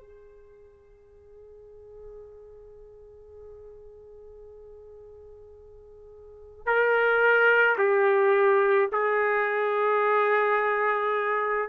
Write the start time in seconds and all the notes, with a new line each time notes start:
0.00 G#4
6.65 A#4
7.78 G4
8.91 G#4